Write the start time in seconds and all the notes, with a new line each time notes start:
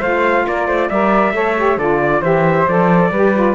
0.00 A3 F4 C5 F5
0.47 A#3 A#4 D5
0.67 A3 C5
0.89 G3 A#4 D5 E5
1.33 A3 A4 C#5
1.57 G4
1.77 D3 F4 A4 D5
2.02 D5
2.21 E3 G4 C5 E5
2.68 F3 A4 D5
3.10 G3 G4 B4
3.34 F4